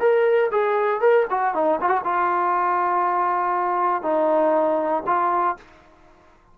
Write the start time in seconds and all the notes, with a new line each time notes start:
0.00 A#4
0.51 G#4
1.01 A#4
1.30 F#4
1.54 D#4
1.81 F4
1.89 F#4
2.04 F4
4.02 D#4
5.06 F4